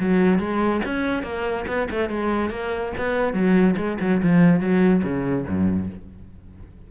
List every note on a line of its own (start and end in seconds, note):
0.00 0.39 F#3
0.39 0.81 G#3
0.85 1.23 C#4
1.23 1.66 A#3
1.67 1.89 B3
1.91 2.10 A3
2.10 2.51 G#3
2.51 2.93 A#3
2.98 3.34 B3
3.34 3.76 F#3
3.77 3.98 G#3
4.01 4.22 F#3
4.23 4.61 F3
4.61 5.03 F#3
5.04 5.46 C#3
5.48 5.90 F#2